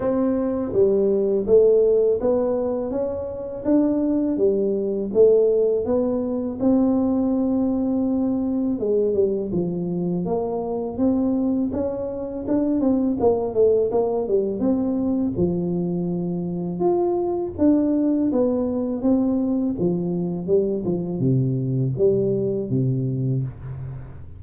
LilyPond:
\new Staff \with { instrumentName = "tuba" } { \time 4/4 \tempo 4 = 82 c'4 g4 a4 b4 | cis'4 d'4 g4 a4 | b4 c'2. | gis8 g8 f4 ais4 c'4 |
cis'4 d'8 c'8 ais8 a8 ais8 g8 | c'4 f2 f'4 | d'4 b4 c'4 f4 | g8 f8 c4 g4 c4 | }